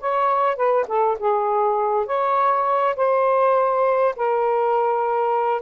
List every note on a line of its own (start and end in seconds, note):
0.00 0.56 C#5
0.56 0.86 B4
0.88 1.17 A4
1.19 2.06 G#4
2.06 2.95 C#5
2.96 4.15 C5
4.16 5.61 A#4